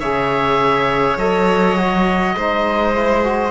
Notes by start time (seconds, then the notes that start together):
0.00 C#3 G#4 C#5 E5
1.17 F#3 A4 D#5
1.78 F#4
2.36 G#3 D#4 C5
2.95 E4
3.24 F#4